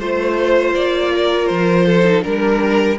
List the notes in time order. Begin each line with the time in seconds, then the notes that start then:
0.00 A3 F4 C5
0.75 A#3 D5
1.15 A#4
1.47 F3 C5
1.87 A4
2.05 D#4
2.22 G3 D4 A#4